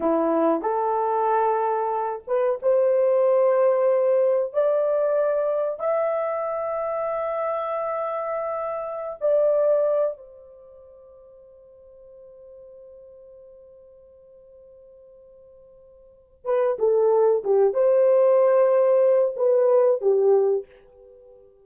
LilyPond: \new Staff \with { instrumentName = "horn" } { \time 4/4 \tempo 4 = 93 e'4 a'2~ a'8 b'8 | c''2. d''4~ | d''4 e''2.~ | e''2~ e''16 d''4. c''16~ |
c''1~ | c''1~ | c''4. b'8 a'4 g'8 c''8~ | c''2 b'4 g'4 | }